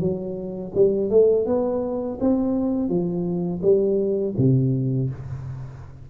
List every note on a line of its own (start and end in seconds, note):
0.00 0.72 F#3
0.75 1.10 G3
1.10 1.47 A3
1.47 2.19 B3
2.20 2.89 C4
2.89 3.61 F3
3.62 4.35 G3
4.38 5.10 C3